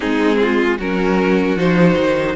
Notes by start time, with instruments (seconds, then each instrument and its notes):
0.00 cello G#3, viola C4, violin D#4 G#4
0.41 violin F4
0.78 cello F#3, viola C#4, violin F#4 A#4
1.55 cello F3, viola D#4, violin C5
1.97 cello D#3